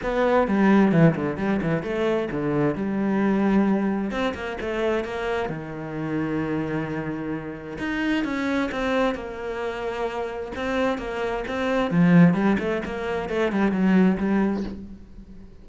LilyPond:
\new Staff \with { instrumentName = "cello" } { \time 4/4 \tempo 4 = 131 b4 g4 e8 d8 g8 e8 | a4 d4 g2~ | g4 c'8 ais8 a4 ais4 | dis1~ |
dis4 dis'4 cis'4 c'4 | ais2. c'4 | ais4 c'4 f4 g8 a8 | ais4 a8 g8 fis4 g4 | }